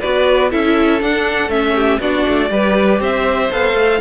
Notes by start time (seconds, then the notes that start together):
0.00 B3 F#4 B4 D5
0.51 C#4 E4 A4 E5
1.00 D4 F#5
1.49 A3 C#4 E5
1.75 G4
2.00 B3 D4 F#4 D5
2.29 A3
2.49 G3 G4 B4
3.01 C4 C5 E5
3.52 B3 A4 F5
3.74 A3